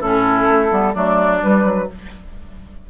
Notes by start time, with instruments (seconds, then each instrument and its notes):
0.00 bassoon A2, clarinet C#4, oboe E4, flute A4
0.49 bassoon A3
0.69 bassoon G3, clarinet B3
0.94 bassoon F#3, clarinet A3, oboe D4, flute D5
1.39 clarinet G3, flute B4
1.46 bassoon G3
1.65 bassoon F#3